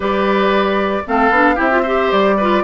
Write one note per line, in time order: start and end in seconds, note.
0.00 1.01 G3
0.00 1.04 G4
0.00 1.03 B4
0.00 1.07 D5
1.06 1.30 A3
1.06 1.32 C4
1.06 1.55 A4
1.06 1.60 F5
1.30 1.56 B3
1.30 1.56 D4
1.55 2.11 C4
1.55 1.69 E4
1.55 1.81 G4
1.55 2.11 E5
1.70 1.83 F4
1.82 2.38 G4
1.82 2.35 C5
2.11 2.64 G3
2.11 2.64 D5
2.37 2.64 F4
2.37 2.63 B4